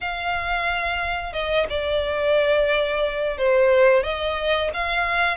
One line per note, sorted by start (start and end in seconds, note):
0.00 1.32 F5
1.32 1.66 D#5
1.69 3.37 D5
3.37 4.03 C5
4.03 4.70 D#5
4.73 5.37 F5